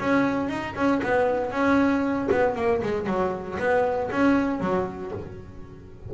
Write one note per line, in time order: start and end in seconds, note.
0.00 0.49 C#4
0.49 0.75 D#4
0.76 1.01 C#4
1.03 1.52 B3
1.52 2.29 C#4
2.32 2.56 B3
2.56 2.81 A#3
2.83 3.07 G#3
3.07 3.58 F#3
3.59 4.10 B3
4.11 4.61 C#4
4.61 5.12 F#3